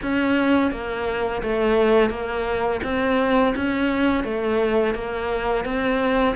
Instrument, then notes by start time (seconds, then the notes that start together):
cello
0.02 C#4
0.71 A#3
1.42 A3
2.10 A#3
2.83 C4
3.55 C#4
4.24 A3
4.94 A#3
5.64 C4